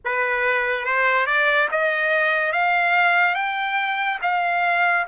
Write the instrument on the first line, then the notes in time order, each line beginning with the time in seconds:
trumpet
0.04 B4
0.85 C5
1.26 D5
1.71 D#5
2.52 F5
3.34 G5
4.21 F5